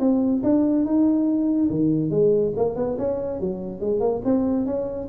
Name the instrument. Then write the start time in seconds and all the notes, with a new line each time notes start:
tuba
0.00 C4
0.43 D4
0.85 D#4
1.70 D#3
2.10 G#3
2.56 A#3
2.76 B3
2.98 C#4
3.40 F#3
3.80 G#3
4.00 A#3
4.25 C4
4.66 C#4